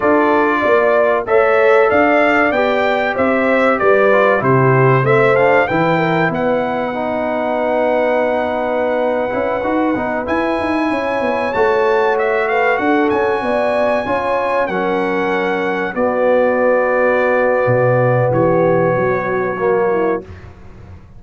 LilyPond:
<<
  \new Staff \with { instrumentName = "trumpet" } { \time 4/4 \tempo 4 = 95 d''2 e''4 f''4 | g''4 e''4 d''4 c''4 | e''8 f''8 g''4 fis''2~ | fis''1~ |
fis''16 gis''2 a''4 e''8 f''16~ | f''16 fis''8 gis''2~ gis''8 fis''8.~ | fis''4~ fis''16 d''2~ d''8.~ | d''4 cis''2. | }
  \new Staff \with { instrumentName = "horn" } { \time 4/4 a'4 d''4 cis''4 d''4~ | d''4 c''4 b'4 g'4 | c''4 b'8 ais'8 b'2~ | b'1~ |
b'4~ b'16 cis''2~ cis''8 b'16~ | b'16 a'4 d''4 cis''4 ais'8.~ | ais'4~ ais'16 fis'2~ fis'8.~ | fis'4 g'4 fis'4. e'8 | }
  \new Staff \with { instrumentName = "trombone" } { \time 4/4 f'2 a'2 | g'2~ g'8 f'8 e'4 | c'8 d'8 e'2 dis'4~ | dis'2~ dis'8. e'8 fis'8 dis'16~ |
dis'16 e'2 fis'4.~ fis'16~ | fis'2~ fis'16 f'4 cis'8.~ | cis'4~ cis'16 b2~ b8.~ | b2. ais4 | }
  \new Staff \with { instrumentName = "tuba" } { \time 4/4 d'4 ais4 a4 d'4 | b4 c'4 g4 c4 | a4 e4 b2~ | b2~ b8. cis'8 dis'8 b16~ |
b16 e'8 dis'8 cis'8 b8 a4.~ a16~ | a16 d'8 cis'8 b4 cis'4 fis8.~ | fis4~ fis16 b2~ b8. | b,4 e4 fis2 | }
>>